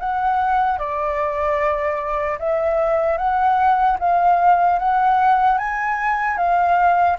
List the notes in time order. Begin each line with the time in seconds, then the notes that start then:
0.00 F#5
0.79 D5
2.39 E5
3.18 F#5
3.99 F5
4.79 F#5
5.58 G#5
6.37 F5